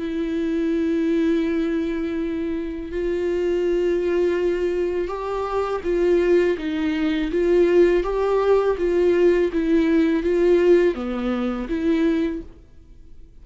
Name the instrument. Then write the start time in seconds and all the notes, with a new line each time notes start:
viola
0.00 E4
2.92 F4
5.08 G4
5.84 F4
6.58 D#4
7.32 F4
8.04 G4
8.78 F4
9.53 E4
10.24 F4
10.95 B3
11.69 E4